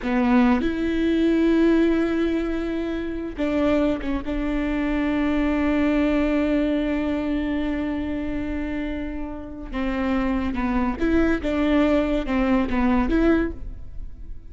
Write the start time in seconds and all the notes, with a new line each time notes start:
0.02 B3
0.61 E4
3.37 D4
4.01 C#4
4.25 D4
9.71 C4
10.54 B3
10.99 E4
11.42 D4
12.26 C4
12.69 B3
13.09 E4